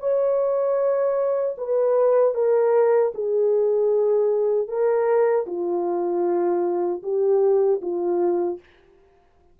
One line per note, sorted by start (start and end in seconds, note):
0.00 1.56 C#5
1.58 2.35 B4
2.35 3.13 A#4
3.15 4.68 G#4
4.68 5.46 A#4
5.47 7.03 F4
7.03 7.81 G4
7.82 8.60 F4